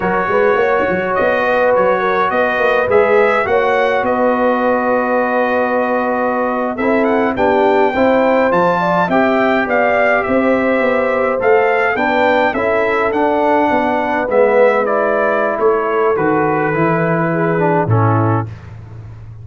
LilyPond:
<<
  \new Staff \with { instrumentName = "trumpet" } { \time 4/4 \tempo 4 = 104 cis''2 dis''4 cis''4 | dis''4 e''4 fis''4 dis''4~ | dis''2.~ dis''8. e''16~ | e''16 fis''8 g''2 a''4 g''16~ |
g''8. f''4 e''2 f''16~ | f''8. g''4 e''4 fis''4~ fis''16~ | fis''8. e''4 d''4~ d''16 cis''4 | b'2. a'4 | }
  \new Staff \with { instrumentName = "horn" } { \time 4/4 ais'8 b'8 cis''4. b'4 ais'8 | b'2 cis''4 b'4~ | b'2.~ b'8. a'16~ | a'8. g'4 c''4. d''8 e''16~ |
e''8. d''4 c''2~ c''16~ | c''8. b'4 a'2 b'16~ | b'2. a'4~ | a'2 gis'4 e'4 | }
  \new Staff \with { instrumentName = "trombone" } { \time 4/4 fis'1~ | fis'4 gis'4 fis'2~ | fis'2.~ fis'8. e'16~ | e'8. d'4 e'4 f'4 g'16~ |
g'2.~ g'8. a'16~ | a'8. d'4 e'4 d'4~ d'16~ | d'8. b4 e'2~ e'16 | fis'4 e'4. d'8 cis'4 | }
  \new Staff \with { instrumentName = "tuba" } { \time 4/4 fis8 gis8 ais8 fis8 b4 fis4 | b8 ais8 gis4 ais4 b4~ | b2.~ b8. c'16~ | c'8. b4 c'4 f4 c'16~ |
c'8. b4 c'4 b4 a16~ | a8. b4 cis'4 d'4 b16~ | b8. gis2~ gis16 a4 | dis4 e2 a,4 | }
>>